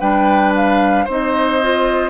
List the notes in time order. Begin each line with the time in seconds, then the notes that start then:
0.00 G3 D4 B4 G5
0.55 F5
1.05 C4 D#4 C5
1.11 D#5
1.62 F4